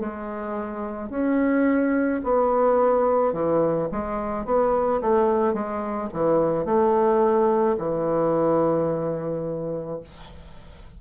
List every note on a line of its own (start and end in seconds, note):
0.00 1.10 G#3
1.10 2.21 C#4
2.24 3.33 B3
3.33 3.88 E3
3.91 4.45 G#3
4.45 5.01 B3
5.01 5.54 A3
5.54 6.09 G#3
6.14 6.65 E3
6.65 7.76 A3
7.78 10.01 E3